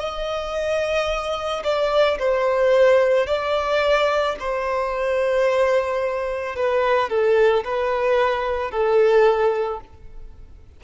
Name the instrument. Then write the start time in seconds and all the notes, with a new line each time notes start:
violin
0.00 D#5
1.64 D5
2.19 C5
3.27 D5
4.40 C5
6.57 B4
7.10 A4
7.65 B4
8.72 A4